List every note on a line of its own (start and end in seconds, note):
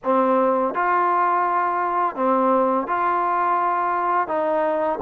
0.03 0.74 C4
0.74 2.15 F4
2.15 2.87 C4
2.87 4.27 F4
4.27 4.99 D#4